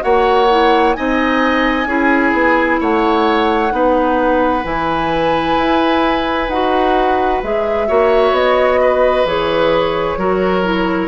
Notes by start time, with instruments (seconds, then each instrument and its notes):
0.00 bassoon A#3, clarinet F#4, oboe C#5, flute F#5
0.50 clarinet E4
0.93 bassoon C4, clarinet D#4, oboe D#5, flute G#5
1.86 bassoon C#4, clarinet E4, oboe G#4
2.32 bassoon B3
2.80 bassoon A3, oboe C#5, flute F#5
3.70 bassoon B3, clarinet D#4, oboe B4
4.63 bassoon E3, clarinet E4, flute G#5
5.57 bassoon E4
6.48 bassoon D#4, clarinet F#4, flute F#5
7.43 bassoon G#3, clarinet G#4, flute E5
7.88 bassoon A#3, clarinet F#4, oboe C#5
8.32 bassoon B3, flute D#5
8.81 oboe B4
9.24 bassoon E3, clarinet G#4, flute C#5
10.17 bassoon F#3, clarinet F#4, oboe A#4
10.63 clarinet E4